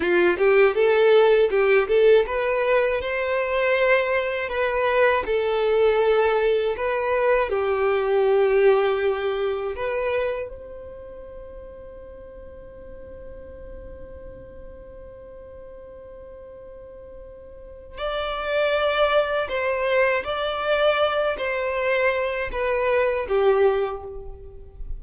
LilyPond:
\new Staff \with { instrumentName = "violin" } { \time 4/4 \tempo 4 = 80 f'8 g'8 a'4 g'8 a'8 b'4 | c''2 b'4 a'4~ | a'4 b'4 g'2~ | g'4 b'4 c''2~ |
c''1~ | c''1 | d''2 c''4 d''4~ | d''8 c''4. b'4 g'4 | }